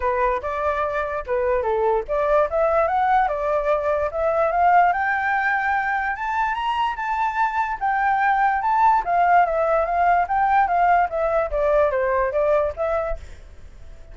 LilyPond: \new Staff \with { instrumentName = "flute" } { \time 4/4 \tempo 4 = 146 b'4 d''2 b'4 | a'4 d''4 e''4 fis''4 | d''2 e''4 f''4 | g''2. a''4 |
ais''4 a''2 g''4~ | g''4 a''4 f''4 e''4 | f''4 g''4 f''4 e''4 | d''4 c''4 d''4 e''4 | }